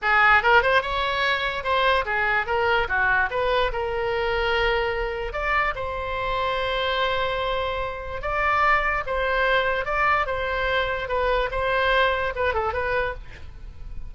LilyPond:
\new Staff \with { instrumentName = "oboe" } { \time 4/4 \tempo 4 = 146 gis'4 ais'8 c''8 cis''2 | c''4 gis'4 ais'4 fis'4 | b'4 ais'2.~ | ais'4 d''4 c''2~ |
c''1 | d''2 c''2 | d''4 c''2 b'4 | c''2 b'8 a'8 b'4 | }